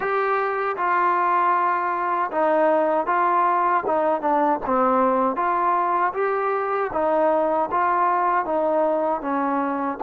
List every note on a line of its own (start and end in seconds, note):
0.00 0.76 G4
0.77 2.30 F4
2.31 3.06 D#4
3.06 3.83 F4
3.86 4.21 D#4
4.21 4.59 D4
4.66 5.36 C4
5.36 6.13 F4
6.13 6.90 G4
6.92 7.69 D#4
7.71 8.45 F4
8.45 9.21 D#4
9.21 9.98 C#4